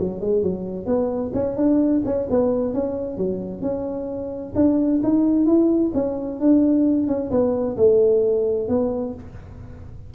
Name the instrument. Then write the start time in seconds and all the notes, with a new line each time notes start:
tuba
0.00 F#3
0.21 G#3
0.43 F#3
0.86 B3
1.34 C#4
1.57 D4
2.05 C#4
2.30 B3
2.74 C#4
3.17 F#3
3.62 C#4
4.56 D4
5.04 D#4
5.46 E4
5.94 C#4
6.40 D4
7.08 C#4
7.31 B3
7.77 A3
8.69 B3